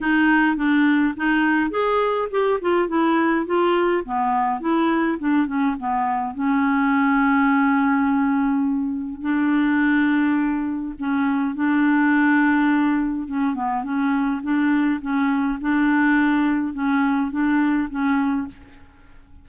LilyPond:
\new Staff \with { instrumentName = "clarinet" } { \time 4/4 \tempo 4 = 104 dis'4 d'4 dis'4 gis'4 | g'8 f'8 e'4 f'4 b4 | e'4 d'8 cis'8 b4 cis'4~ | cis'1 |
d'2. cis'4 | d'2. cis'8 b8 | cis'4 d'4 cis'4 d'4~ | d'4 cis'4 d'4 cis'4 | }